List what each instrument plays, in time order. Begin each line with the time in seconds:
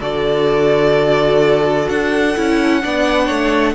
0.00 cello D3, viola F#4, violin A4 D5
1.89 cello D4, violin F#5
2.37 cello C#4, viola E4
2.82 cello B3, viola D4, violin D5
3.26 cello A3, violin C#5